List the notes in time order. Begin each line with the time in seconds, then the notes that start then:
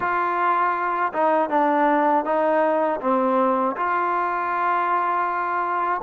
0.00 F4
1.13 D#4
1.49 D4
2.25 D#4
3.00 C4
3.76 F4